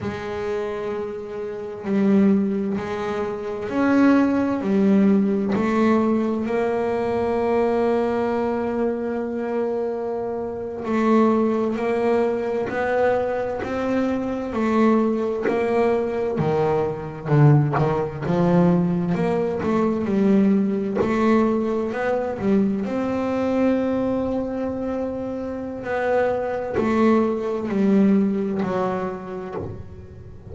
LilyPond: \new Staff \with { instrumentName = "double bass" } { \time 4/4 \tempo 4 = 65 gis2 g4 gis4 | cis'4 g4 a4 ais4~ | ais2.~ ais8. a16~ | a8. ais4 b4 c'4 a16~ |
a8. ais4 dis4 d8 dis8 f16~ | f8. ais8 a8 g4 a4 b16~ | b16 g8 c'2.~ c'16 | b4 a4 g4 fis4 | }